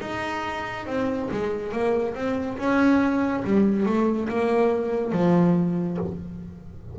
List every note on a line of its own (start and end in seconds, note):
0.00 0.86 D#4
0.86 1.29 C4
1.31 1.72 G#3
1.72 2.14 A#3
2.14 2.57 C4
2.58 3.43 C#4
3.44 3.86 G3
3.86 4.29 A3
4.29 5.12 A#3
5.12 5.98 F3